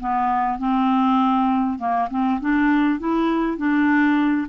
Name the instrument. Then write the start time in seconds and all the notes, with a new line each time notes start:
clarinet
0.00 B3
0.59 C4
1.79 A#3
2.10 C4
2.41 D4
3.00 E4
3.58 D4